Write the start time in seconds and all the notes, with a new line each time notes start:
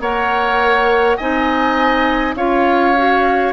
0.00 A#3 A#4 C#5 F#5
1.17 C4 D#4 D#5 G#5
2.35 C#4 F4 C#5 F5
2.96 F#4